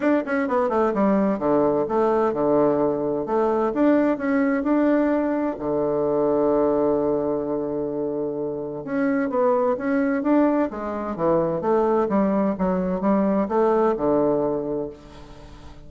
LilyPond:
\new Staff \with { instrumentName = "bassoon" } { \time 4/4 \tempo 4 = 129 d'8 cis'8 b8 a8 g4 d4 | a4 d2 a4 | d'4 cis'4 d'2 | d1~ |
d2. cis'4 | b4 cis'4 d'4 gis4 | e4 a4 g4 fis4 | g4 a4 d2 | }